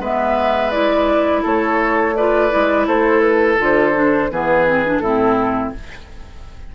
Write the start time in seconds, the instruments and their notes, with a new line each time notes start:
0.00 bassoon G#3, clarinet B3, oboe B4, flute E5
0.71 clarinet E4, flute D5
1.43 bassoon A3, oboe A4, flute C#5
2.16 clarinet F4, oboe B4, flute D5
2.51 bassoon G#3, clarinet E4
2.87 bassoon A3, oboe A4, flute C5
3.21 flute B4
3.58 bassoon D3, clarinet F4, flute C5
3.94 clarinet D4
4.31 bassoon E3, clarinet B3, oboe G#4, flute B4
4.67 clarinet C4
4.85 clarinet D4
4.99 bassoon A2, clarinet C4, oboe E4, flute A4